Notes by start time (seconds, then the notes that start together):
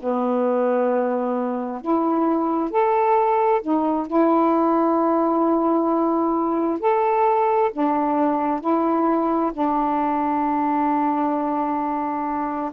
0.00 B3
1.81 E4
2.71 A4
3.62 D#4
4.07 E4
6.80 A4
7.73 D4
8.61 E4
9.53 D4